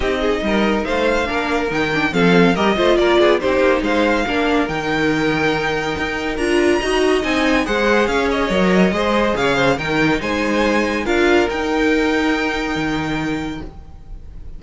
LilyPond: <<
  \new Staff \with { instrumentName = "violin" } { \time 4/4 \tempo 4 = 141 dis''2 f''2 | g''4 f''4 dis''4 d''4 | c''4 f''2 g''4~ | g''2. ais''4~ |
ais''4 gis''4 fis''4 f''8 dis''8~ | dis''2 f''4 g''4 | gis''2 f''4 g''4~ | g''1 | }
  \new Staff \with { instrumentName = "violin" } { \time 4/4 g'8 gis'8 ais'4 c''4 ais'4~ | ais'4 a'4 ais'8 c''8 ais'8 gis'8 | g'4 c''4 ais'2~ | ais'1 |
dis''2 c''4 cis''4~ | cis''4 c''4 cis''8 c''8 ais'4 | c''2 ais'2~ | ais'1 | }
  \new Staff \with { instrumentName = "viola" } { \time 4/4 dis'2. d'4 | dis'8 d'8 c'4 g'8 f'4. | dis'2 d'4 dis'4~ | dis'2. f'4 |
fis'4 dis'4 gis'2 | ais'4 gis'2 dis'4~ | dis'2 f'4 dis'4~ | dis'1 | }
  \new Staff \with { instrumentName = "cello" } { \time 4/4 c'4 g4 a4 ais4 | dis4 f4 g8 a8 ais8 b8 | c'8 ais8 gis4 ais4 dis4~ | dis2 dis'4 d'4 |
dis'4 c'4 gis4 cis'4 | fis4 gis4 cis4 dis4 | gis2 d'4 dis'4~ | dis'2 dis2 | }
>>